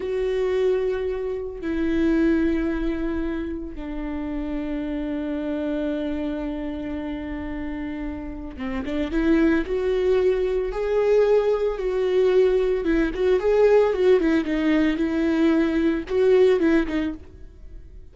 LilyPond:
\new Staff \with { instrumentName = "viola" } { \time 4/4 \tempo 4 = 112 fis'2. e'4~ | e'2. d'4~ | d'1~ | d'1 |
c'8 d'8 e'4 fis'2 | gis'2 fis'2 | e'8 fis'8 gis'4 fis'8 e'8 dis'4 | e'2 fis'4 e'8 dis'8 | }